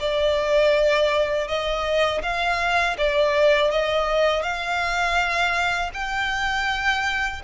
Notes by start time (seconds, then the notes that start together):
0.00 D5
1.48 D#5
2.23 F5
2.98 D5
3.71 D#5
4.42 F5
5.94 G5